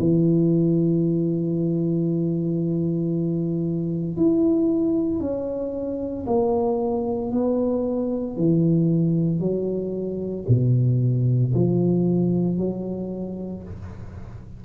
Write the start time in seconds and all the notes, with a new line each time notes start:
0.00 E3
4.17 E4
5.21 C#4
6.27 A#3
7.32 B3
8.37 E3
9.40 F#3
10.48 B2
11.55 F3
12.58 F#3